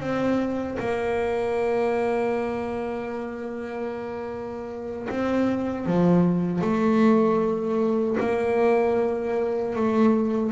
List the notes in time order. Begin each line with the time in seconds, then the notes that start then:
0.00 C4
0.80 A#3
5.10 C4
5.87 F3
6.62 A3
8.20 A#3
9.76 A3